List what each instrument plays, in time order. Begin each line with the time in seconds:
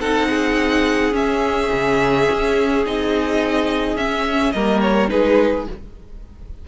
0.00 cello C4, viola D#4, violin A4 F#5
0.29 violin G#4
1.12 viola C#4, cello C#4, violin E5
1.73 cello C#3
2.31 cello C#4
2.86 cello C4, viola D#4, violin D#5
3.96 cello C#4, viola C#4, violin E5
4.52 cello G3, viola A#3, violin A#4 D#5
4.81 violin C#5
5.09 cello G#3, viola D#4, violin G#4 B4